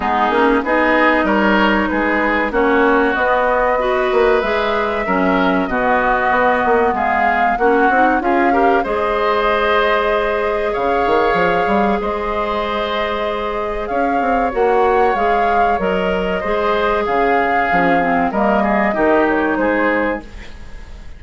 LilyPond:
<<
  \new Staff \with { instrumentName = "flute" } { \time 4/4 \tempo 4 = 95 gis'4 dis''4 cis''4 b'4 | cis''4 dis''2 e''4~ | e''4 dis''2 f''4 | fis''4 f''4 dis''2~ |
dis''4 f''2 dis''4~ | dis''2 f''4 fis''4 | f''4 dis''2 f''4~ | f''4 dis''4. cis''8 c''4 | }
  \new Staff \with { instrumentName = "oboe" } { \time 4/4 dis'4 gis'4 ais'4 gis'4 | fis'2 b'2 | ais'4 fis'2 gis'4 | fis'4 gis'8 ais'8 c''2~ |
c''4 cis''2 c''4~ | c''2 cis''2~ | cis''2 c''4 gis'4~ | gis'4 ais'8 gis'8 g'4 gis'4 | }
  \new Staff \with { instrumentName = "clarinet" } { \time 4/4 b8 cis'8 dis'2. | cis'4 b4 fis'4 gis'4 | cis'4 b2. | cis'8 dis'8 f'8 g'8 gis'2~ |
gis'1~ | gis'2. fis'4 | gis'4 ais'4 gis'2 | cis'8 c'8 ais4 dis'2 | }
  \new Staff \with { instrumentName = "bassoon" } { \time 4/4 gis8 ais8 b4 g4 gis4 | ais4 b4. ais8 gis4 | fis4 b,4 b8 ais8 gis4 | ais8 c'8 cis'4 gis2~ |
gis4 cis8 dis8 f8 g8 gis4~ | gis2 cis'8 c'8 ais4 | gis4 fis4 gis4 cis4 | f4 g4 dis4 gis4 | }
>>